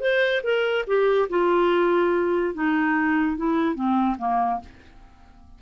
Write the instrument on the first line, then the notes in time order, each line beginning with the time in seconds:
clarinet
0.00 C5
0.43 A#4
0.87 G4
1.29 F4
2.54 D#4
3.37 E4
3.75 C4
4.18 A#3